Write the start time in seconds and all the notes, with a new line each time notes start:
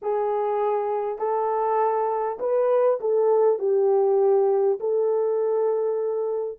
0.02 G#4
1.18 A4
2.39 B4
3.00 A4
3.58 G4
4.80 A4